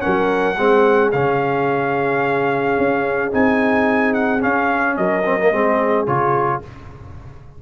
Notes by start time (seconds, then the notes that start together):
0.00 C#4 A#4 F#5
0.07 F#3
0.58 G#3 C4 G#4
1.12 C#3 C#4 F5
2.78 C#4
3.32 C4 D#4 G#5
4.14 F#5
4.40 C#4 F5
4.97 F#3 A#4 D#5
5.26 C4
5.40 A#3
5.52 G#3 C4 G#4
6.07 C#3 F4 C#5